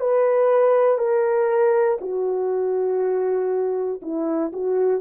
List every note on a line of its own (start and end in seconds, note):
0.00 0.98 B4
0.98 1.98 A#4
2.01 4.01 F#4
4.02 4.52 E4
4.53 5.01 F#4